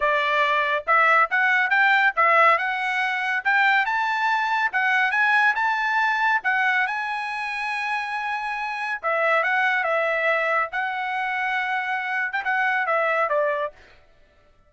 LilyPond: \new Staff \with { instrumentName = "trumpet" } { \time 4/4 \tempo 4 = 140 d''2 e''4 fis''4 | g''4 e''4 fis''2 | g''4 a''2 fis''4 | gis''4 a''2 fis''4 |
gis''1~ | gis''4 e''4 fis''4 e''4~ | e''4 fis''2.~ | fis''8. g''16 fis''4 e''4 d''4 | }